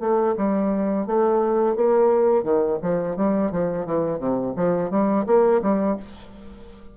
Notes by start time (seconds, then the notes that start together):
0.00 A3
0.37 G3
1.06 A3
1.76 A#3
2.43 D#3
2.82 F3
3.16 G3
3.51 F3
3.86 E3
4.19 C3
4.56 F3
4.90 G3
5.26 A#3
5.62 G3